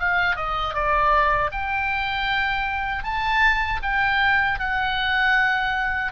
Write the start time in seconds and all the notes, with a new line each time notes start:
0.00 F5
0.36 D#5
0.74 D5
1.52 G5
3.04 A5
3.83 G5
4.60 F#5